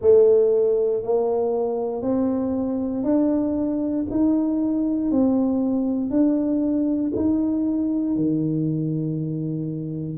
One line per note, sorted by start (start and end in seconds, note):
0.00 1.02 A3
1.03 2.02 A#3
2.02 3.03 C4
3.03 4.05 D4
4.10 5.11 D#4
5.11 6.10 C4
6.10 7.12 D4
7.15 8.15 D#4
8.15 10.17 D#3